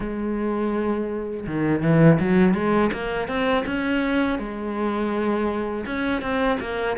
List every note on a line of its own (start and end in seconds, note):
0.00 1.46 G#3
1.46 1.82 D#3
1.82 2.19 E3
2.20 2.54 F#3
2.54 2.90 G#3
2.92 3.28 A#3
3.28 3.64 C4
3.66 4.39 C#4
4.39 5.85 G#3
5.85 6.21 C#4
6.21 6.58 C4
6.60 6.96 A#3